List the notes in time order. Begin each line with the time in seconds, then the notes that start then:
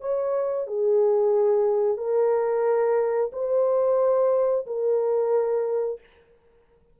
0.00 C#5
0.67 G#4
1.97 A#4
3.32 C5
4.66 A#4